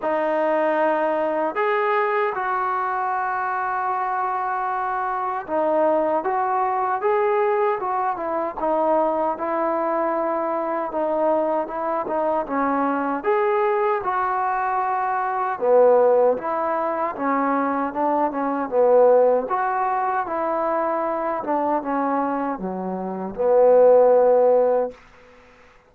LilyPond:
\new Staff \with { instrumentName = "trombone" } { \time 4/4 \tempo 4 = 77 dis'2 gis'4 fis'4~ | fis'2. dis'4 | fis'4 gis'4 fis'8 e'8 dis'4 | e'2 dis'4 e'8 dis'8 |
cis'4 gis'4 fis'2 | b4 e'4 cis'4 d'8 cis'8 | b4 fis'4 e'4. d'8 | cis'4 fis4 b2 | }